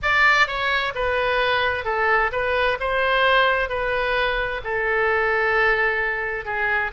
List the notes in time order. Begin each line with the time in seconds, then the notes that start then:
0.02 D5
0.47 C#5
0.94 B4
1.85 A4
2.32 B4
2.79 C5
3.69 B4
4.64 A4
6.45 G#4